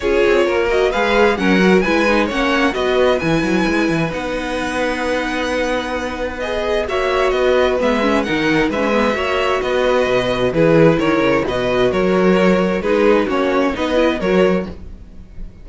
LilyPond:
<<
  \new Staff \with { instrumentName = "violin" } { \time 4/4 \tempo 4 = 131 cis''4. dis''8 f''4 fis''4 | gis''4 fis''4 dis''4 gis''4~ | gis''4 fis''2.~ | fis''2 dis''4 e''4 |
dis''4 e''4 fis''4 e''4~ | e''4 dis''2 b'4 | cis''4 dis''4 cis''2 | b'4 cis''4 dis''4 cis''4 | }
  \new Staff \with { instrumentName = "violin" } { \time 4/4 gis'4 ais'4 b'4 ais'4 | b'4 cis''4 b'2~ | b'1~ | b'2. cis''4 |
b'2 ais'4 b'4 | cis''4 b'2 gis'4 | ais'4 b'4 ais'2 | gis'4 fis'4 b'4 ais'4 | }
  \new Staff \with { instrumentName = "viola" } { \time 4/4 f'4. fis'8 gis'4 cis'8 fis'8 | e'8 dis'8 cis'4 fis'4 e'4~ | e'4 dis'2.~ | dis'2 gis'4 fis'4~ |
fis'4 b8 cis'8 dis'4 cis'8 b8 | fis'2. e'4~ | e'4 fis'2. | dis'4 cis'4 dis'8 e'8 fis'4 | }
  \new Staff \with { instrumentName = "cello" } { \time 4/4 cis'8 c'8 ais4 gis4 fis4 | gis4 ais4 b4 e8 fis8 | gis8 e8 b2.~ | b2. ais4 |
b4 gis4 dis4 gis4 | ais4 b4 b,4 e4 | dis8 cis8 b,4 fis2 | gis4 ais4 b4 fis4 | }
>>